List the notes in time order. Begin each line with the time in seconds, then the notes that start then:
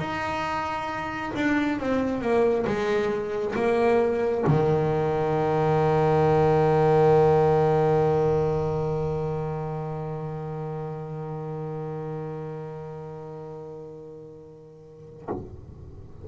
0.00 D#4
1.36 D4
1.80 C4
2.22 A#3
2.67 G#3
3.56 A#3
4.48 D#3